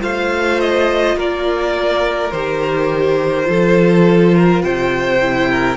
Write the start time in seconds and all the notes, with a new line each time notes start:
0.00 A3 F4 C5 F5
0.60 D#5
1.16 A#3 A#4 D5
2.31 D#3 G4 C5
3.44 F3 F4 A4
4.35 A#4
4.62 C3 C5 G5
5.21 E4
5.51 A#4